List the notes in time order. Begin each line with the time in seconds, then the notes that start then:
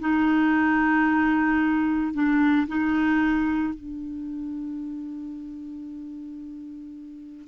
0.00 D#4
2.14 D4
2.67 D#4
3.74 D4